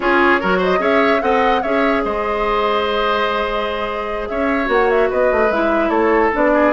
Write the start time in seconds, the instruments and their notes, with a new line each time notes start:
0.00 bassoon C#4, clarinet F4, oboe G#4, flute C#5
0.40 bassoon F#3, clarinet F#4, oboe A#4
0.57 oboe C5, flute D#5
0.78 bassoon C#4, clarinet G#4, oboe C#5, flute E5
1.21 bassoon C4, clarinet A4, oboe D#5, flute F#5
1.62 bassoon C#4, clarinet G#4, oboe C#5, flute E5
2.04 bassoon G#3, oboe C5, flute D#5
4.27 bassoon C#4, oboe C#5, flute E5
4.65 bassoon A#3, clarinet F#4
4.71 flute F#5
4.90 flute E5
5.09 bassoon B3, oboe B4, flute D#5
5.31 bassoon A3
5.50 bassoon G#3, clarinet E4, flute E5
5.89 bassoon A3, oboe A4, flute C#5
6.32 bassoon B3, clarinet D4, flute D5
6.54 oboe G#4